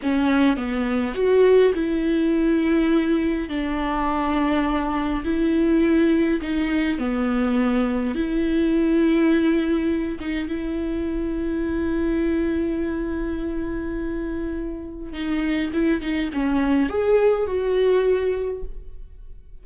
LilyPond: \new Staff \with { instrumentName = "viola" } { \time 4/4 \tempo 4 = 103 cis'4 b4 fis'4 e'4~ | e'2 d'2~ | d'4 e'2 dis'4 | b2 e'2~ |
e'4. dis'8 e'2~ | e'1~ | e'2 dis'4 e'8 dis'8 | cis'4 gis'4 fis'2 | }